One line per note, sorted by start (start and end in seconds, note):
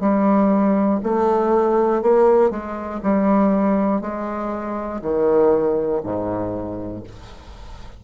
0.00 1.00 G3
1.03 2.02 A3
2.02 2.50 A#3
2.50 3.00 G#3
3.02 4.01 G3
4.01 5.01 G#3
5.02 6.02 D#3
6.03 7.03 G#2